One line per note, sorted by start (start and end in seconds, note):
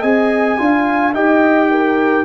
0.00 0.58 C4
0.00 0.58 G#4
0.00 0.56 D#5
0.00 1.13 G#5
0.58 1.14 D4
0.58 1.14 F4
0.58 1.15 F5
1.14 2.25 D#4
1.14 2.25 G4
1.14 1.70 D#5
1.14 2.25 G5
1.71 2.25 A#4